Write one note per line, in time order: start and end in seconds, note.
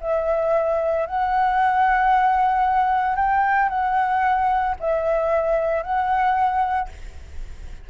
0.00 1.06 E5
1.06 3.15 F#5
3.15 3.69 G5
3.69 4.75 F#5
4.79 5.82 E5
5.82 6.88 F#5